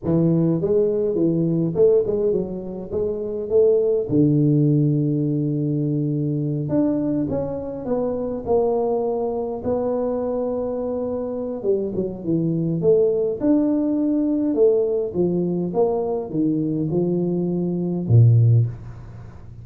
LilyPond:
\new Staff \with { instrumentName = "tuba" } { \time 4/4 \tempo 4 = 103 e4 gis4 e4 a8 gis8 | fis4 gis4 a4 d4~ | d2.~ d8 d'8~ | d'8 cis'4 b4 ais4.~ |
ais8 b2.~ b8 | g8 fis8 e4 a4 d'4~ | d'4 a4 f4 ais4 | dis4 f2 ais,4 | }